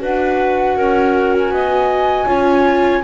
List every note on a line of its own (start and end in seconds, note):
0.00 0.77 D4
0.00 2.27 F#4
0.00 0.77 B4
0.00 1.34 F#5
0.77 1.50 C#4
0.77 1.53 A#4
1.34 3.04 G#5
1.50 2.26 B3
1.50 2.27 D#5
2.27 3.03 C#4
2.27 3.03 F4
2.27 3.03 C#5